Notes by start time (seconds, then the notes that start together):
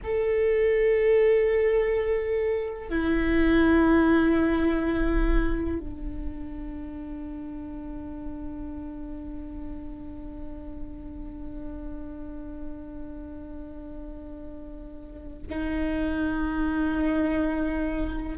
0.03 A4
2.89 E4
5.79 D4
15.49 D#4